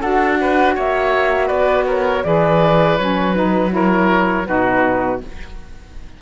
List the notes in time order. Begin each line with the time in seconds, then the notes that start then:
0.00 D4 F#4 A4 F#5
0.40 B4
0.75 A#3 C#5 E5
1.47 B3 B4 D5
1.86 A#4 C#5
2.23 E3 G#4 B4 D5
2.97 F#3 C#4 C#5
3.33 D#4 B4
3.69 E4 A#4 C#5
4.46 B2 D#4 F#4 B4